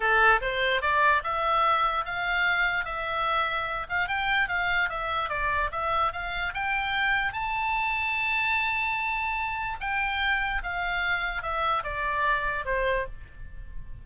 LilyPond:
\new Staff \with { instrumentName = "oboe" } { \time 4/4 \tempo 4 = 147 a'4 c''4 d''4 e''4~ | e''4 f''2 e''4~ | e''4. f''8 g''4 f''4 | e''4 d''4 e''4 f''4 |
g''2 a''2~ | a''1 | g''2 f''2 | e''4 d''2 c''4 | }